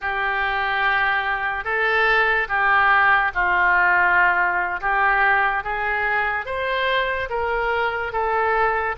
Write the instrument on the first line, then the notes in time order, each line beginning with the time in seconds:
oboe
0.01 G4
1.64 A4
2.48 G4
3.34 F4
4.80 G4
5.63 G#4
6.45 C5
7.29 A#4
8.12 A4